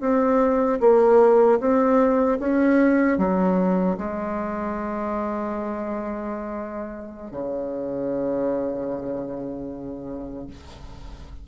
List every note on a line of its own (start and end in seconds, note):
0.00 0.79 C4
0.80 1.59 A#3
1.59 2.38 C4
2.39 3.18 C#4
3.18 3.97 F#3
3.97 7.31 G#3
7.31 10.47 C#3